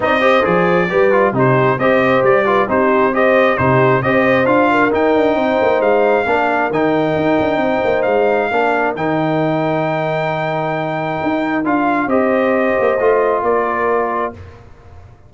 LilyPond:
<<
  \new Staff \with { instrumentName = "trumpet" } { \time 4/4 \tempo 4 = 134 dis''4 d''2 c''4 | dis''4 d''4 c''4 dis''4 | c''4 dis''4 f''4 g''4~ | g''4 f''2 g''4~ |
g''2 f''2 | g''1~ | g''2 f''4 dis''4~ | dis''2 d''2 | }
  \new Staff \with { instrumentName = "horn" } { \time 4/4 d''8 c''4. b'4 g'4 | c''4. b'8 g'4 c''4 | g'4 c''4. ais'4. | c''2 ais'2~ |
ais'4 c''2 ais'4~ | ais'1~ | ais'2. c''4~ | c''2 ais'2 | }
  \new Staff \with { instrumentName = "trombone" } { \time 4/4 dis'8 g'8 gis'4 g'8 f'8 dis'4 | g'4. f'8 dis'4 g'4 | dis'4 g'4 f'4 dis'4~ | dis'2 d'4 dis'4~ |
dis'2. d'4 | dis'1~ | dis'2 f'4 g'4~ | g'4 f'2. | }
  \new Staff \with { instrumentName = "tuba" } { \time 4/4 c'4 f4 g4 c4 | c'4 g4 c'2 | c4 c'4 d'4 dis'8 d'8 | c'8 ais8 gis4 ais4 dis4 |
dis'8 d'8 c'8 ais8 gis4 ais4 | dis1~ | dis4 dis'4 d'4 c'4~ | c'8 ais8 a4 ais2 | }
>>